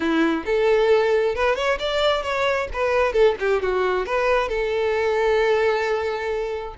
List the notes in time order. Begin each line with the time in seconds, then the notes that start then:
0.00 E4
0.45 A4
1.35 B4
1.55 C#5
1.79 D5
2.22 C#5
2.73 B4
3.12 A4
3.39 G4
3.62 F#4
4.06 B4
4.48 A4